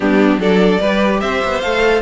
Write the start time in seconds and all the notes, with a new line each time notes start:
0.00 G3 B3 D4 G4
0.37 F#3 D4 A4 D5
0.80 G3 G4 B4
1.20 C4 C5 E5
1.44 B3
1.60 A3 A4 F5